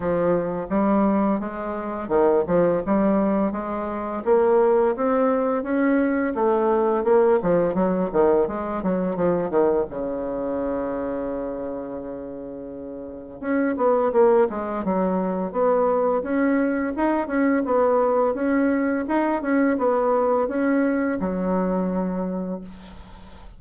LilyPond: \new Staff \with { instrumentName = "bassoon" } { \time 4/4 \tempo 4 = 85 f4 g4 gis4 dis8 f8 | g4 gis4 ais4 c'4 | cis'4 a4 ais8 f8 fis8 dis8 | gis8 fis8 f8 dis8 cis2~ |
cis2. cis'8 b8 | ais8 gis8 fis4 b4 cis'4 | dis'8 cis'8 b4 cis'4 dis'8 cis'8 | b4 cis'4 fis2 | }